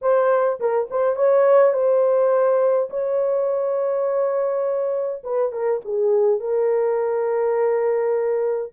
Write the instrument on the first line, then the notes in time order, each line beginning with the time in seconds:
horn
0.01 C5
0.60 A#4
0.90 C5
1.16 C#5
1.73 C5
2.89 C#5
5.23 B4
5.52 A#4
5.84 G#4
6.39 A#4